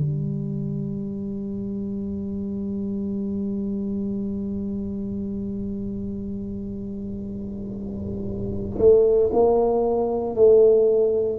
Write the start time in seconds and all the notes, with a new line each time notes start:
0.00 G3
8.79 A3
9.33 A#3
10.36 A3